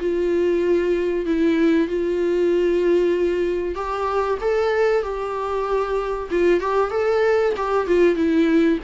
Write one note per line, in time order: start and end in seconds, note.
0.00 1.26 F4
1.26 1.88 E4
1.88 3.75 F4
3.75 4.38 G4
4.41 5.03 A4
5.03 6.29 G4
6.31 6.60 F4
6.60 6.91 G4
6.91 7.54 A4
7.57 7.87 G4
7.87 8.16 F4
8.16 8.79 E4